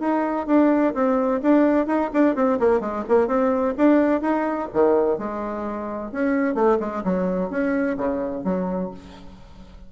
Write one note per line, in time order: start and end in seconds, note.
0.00 0.47 D#4
0.47 0.94 D4
0.95 1.42 C4
1.43 1.87 D4
1.87 2.11 D#4
2.14 2.36 D4
2.36 2.60 C4
2.60 2.81 A#3
2.81 3.04 G#3
3.09 3.28 A#3
3.28 3.75 C4
3.78 4.22 D4
4.22 4.69 D#4
4.74 5.19 D#3
5.19 6.12 G#3
6.12 6.55 C#4
6.55 6.79 A3
6.80 7.04 G#3
7.05 7.51 F#3
7.51 7.98 C#4
7.98 8.45 C#3
8.45 8.91 F#3